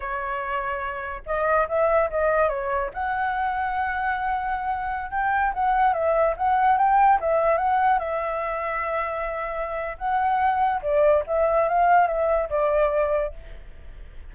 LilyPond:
\new Staff \with { instrumentName = "flute" } { \time 4/4 \tempo 4 = 144 cis''2. dis''4 | e''4 dis''4 cis''4 fis''4~ | fis''1~ | fis''16 g''4 fis''4 e''4 fis''8.~ |
fis''16 g''4 e''4 fis''4 e''8.~ | e''1 | fis''2 d''4 e''4 | f''4 e''4 d''2 | }